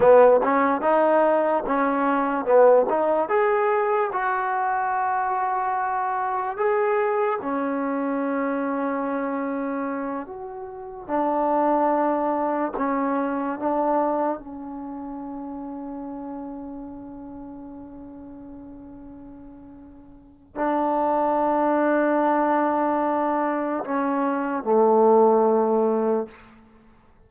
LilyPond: \new Staff \with { instrumentName = "trombone" } { \time 4/4 \tempo 4 = 73 b8 cis'8 dis'4 cis'4 b8 dis'8 | gis'4 fis'2. | gis'4 cis'2.~ | cis'8 fis'4 d'2 cis'8~ |
cis'8 d'4 cis'2~ cis'8~ | cis'1~ | cis'4 d'2.~ | d'4 cis'4 a2 | }